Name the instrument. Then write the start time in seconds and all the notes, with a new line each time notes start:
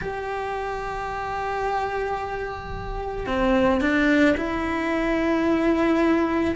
cello
0.01 G4
3.26 C4
3.80 D4
4.37 E4